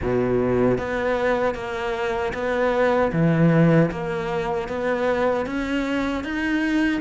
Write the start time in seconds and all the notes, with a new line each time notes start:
0.01 B2
0.78 B3
1.54 A#3
2.33 B3
3.12 E3
3.91 A#3
4.68 B3
5.45 C#4
6.23 D#4